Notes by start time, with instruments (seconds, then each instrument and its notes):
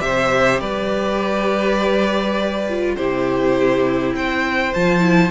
0.00 cello C3, viola G4, violin C5 E5
0.59 cello G3, violin B4 D5
2.69 viola F4
2.95 cello C3, viola E4, violin G4 C5
4.13 cello C4, violin C5 G5
4.74 cello F3, viola F4, violin A5
5.00 viola E4